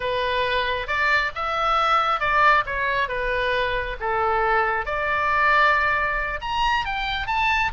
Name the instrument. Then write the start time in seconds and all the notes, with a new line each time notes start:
oboe
0.00 B4
0.87 D5
1.35 E5
2.20 D5
2.66 C#5
3.08 B4
3.99 A4
4.85 D5
6.41 A#5
6.85 G5
7.27 A5